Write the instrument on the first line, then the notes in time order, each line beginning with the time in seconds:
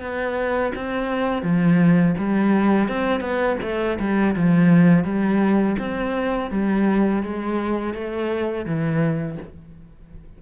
cello
0.00 B3
0.75 C4
1.43 F3
2.18 G3
2.89 C4
3.21 B3
3.62 A3
3.99 G3
4.36 F3
5.04 G3
5.79 C4
6.51 G3
7.23 G#3
7.94 A3
8.65 E3